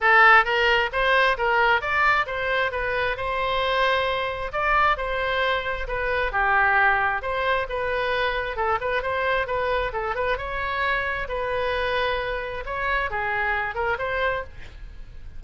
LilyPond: \new Staff \with { instrumentName = "oboe" } { \time 4/4 \tempo 4 = 133 a'4 ais'4 c''4 ais'4 | d''4 c''4 b'4 c''4~ | c''2 d''4 c''4~ | c''4 b'4 g'2 |
c''4 b'2 a'8 b'8 | c''4 b'4 a'8 b'8 cis''4~ | cis''4 b'2. | cis''4 gis'4. ais'8 c''4 | }